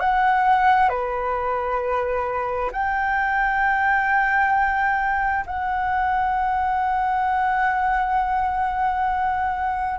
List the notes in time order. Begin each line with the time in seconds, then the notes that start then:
0.00 F#5
0.89 B4
2.72 G5
5.46 F#5